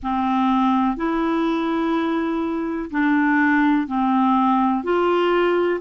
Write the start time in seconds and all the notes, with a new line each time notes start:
0.03 C4
0.96 E4
2.90 D4
3.87 C4
4.83 F4